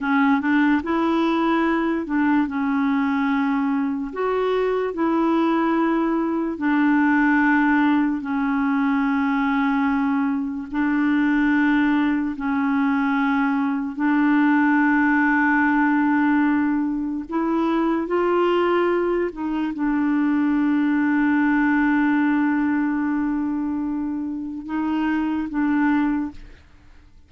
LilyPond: \new Staff \with { instrumentName = "clarinet" } { \time 4/4 \tempo 4 = 73 cis'8 d'8 e'4. d'8 cis'4~ | cis'4 fis'4 e'2 | d'2 cis'2~ | cis'4 d'2 cis'4~ |
cis'4 d'2.~ | d'4 e'4 f'4. dis'8 | d'1~ | d'2 dis'4 d'4 | }